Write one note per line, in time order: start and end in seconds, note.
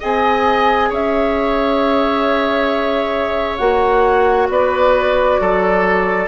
0.00 0.92 C4
0.00 3.59 G#4
0.00 0.90 D#5
0.00 0.93 G#5
0.90 3.60 C#4
0.90 4.48 C#5
0.90 3.58 E5
3.58 4.49 A#3
3.58 6.28 F#4
3.58 4.47 F#5
4.49 5.39 B3
4.49 5.41 B4
4.49 6.28 D5
5.40 6.28 F#3
5.40 6.28 A4